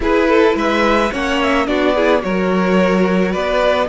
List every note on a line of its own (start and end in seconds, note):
0.00 0.53 E4
0.00 1.10 E4
0.00 0.28 G#4
0.00 0.57 B4
0.28 0.56 A4
0.55 1.10 G#3
0.55 1.11 B4
0.55 1.13 E5
1.11 1.67 A#3
1.11 1.67 C#4
1.11 1.67 C#5
1.11 1.41 F#5
1.42 1.67 E5
1.67 2.23 B3
1.67 1.95 D4
1.67 1.94 F#4
1.67 2.22 D5
1.94 2.20 E4
1.94 2.22 G#4
2.20 3.35 F#3
2.20 3.87 F#4
2.20 3.31 A#4
2.20 3.33 C#5
3.31 3.88 B3
3.31 3.87 B4
3.31 3.88 D5